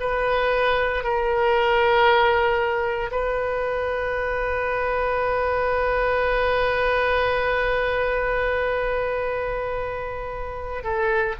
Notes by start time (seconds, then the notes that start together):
0.00 B4
1.03 A#4
3.11 B4
10.83 A4